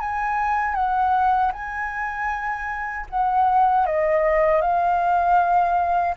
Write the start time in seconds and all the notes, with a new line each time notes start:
0.00 G#5
0.75 F#5
1.52 G#5
3.10 F#5
3.86 D#5
4.62 F5